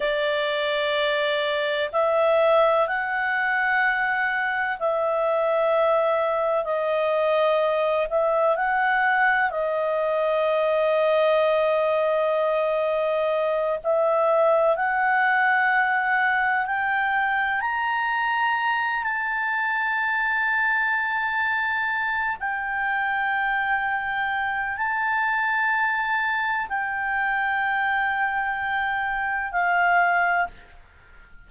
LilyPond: \new Staff \with { instrumentName = "clarinet" } { \time 4/4 \tempo 4 = 63 d''2 e''4 fis''4~ | fis''4 e''2 dis''4~ | dis''8 e''8 fis''4 dis''2~ | dis''2~ dis''8 e''4 fis''8~ |
fis''4. g''4 ais''4. | a''2.~ a''8 g''8~ | g''2 a''2 | g''2. f''4 | }